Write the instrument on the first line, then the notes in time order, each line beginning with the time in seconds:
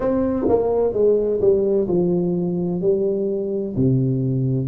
tuba
0.00 C4
0.48 A#3
0.93 G#3
1.41 G3
1.87 F3
2.81 G3
3.76 C3